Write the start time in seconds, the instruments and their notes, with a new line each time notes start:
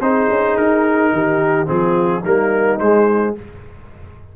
0.00 tuba C4, trombone D#4, horn G#4, trumpet C5
0.29 tuba C#4
0.56 tuba D#4, trumpet A#4
1.12 tuba D#3, horn G4
1.66 tuba F3, trombone C4, horn F4, trumpet G#4
2.22 tuba G3, trombone A#3, horn D#4, trumpet A#4
2.79 tuba G#3, trombone G#3, trumpet C5